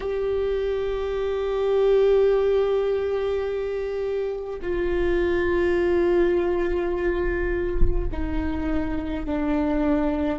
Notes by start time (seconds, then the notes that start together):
0.00 G4
4.62 F4
8.11 D#4
9.25 D4